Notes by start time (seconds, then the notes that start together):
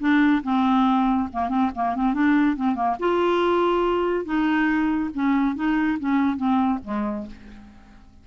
0.00 D4
0.44 C4
1.33 A#3
1.49 C4
1.75 A#3
1.96 C4
2.14 D4
2.56 C4
2.75 A#3
3.00 F4
4.25 D#4
5.15 C#4
5.56 D#4
6.00 C#4
6.37 C4
6.84 G#3